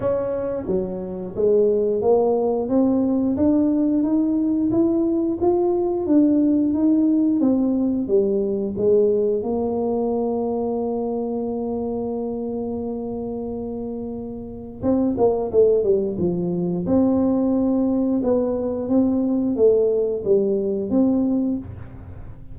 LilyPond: \new Staff \with { instrumentName = "tuba" } { \time 4/4 \tempo 4 = 89 cis'4 fis4 gis4 ais4 | c'4 d'4 dis'4 e'4 | f'4 d'4 dis'4 c'4 | g4 gis4 ais2~ |
ais1~ | ais2 c'8 ais8 a8 g8 | f4 c'2 b4 | c'4 a4 g4 c'4 | }